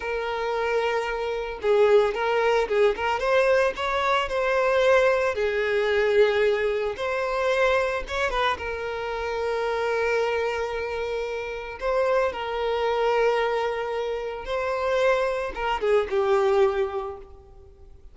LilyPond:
\new Staff \with { instrumentName = "violin" } { \time 4/4 \tempo 4 = 112 ais'2. gis'4 | ais'4 gis'8 ais'8 c''4 cis''4 | c''2 gis'2~ | gis'4 c''2 cis''8 b'8 |
ais'1~ | ais'2 c''4 ais'4~ | ais'2. c''4~ | c''4 ais'8 gis'8 g'2 | }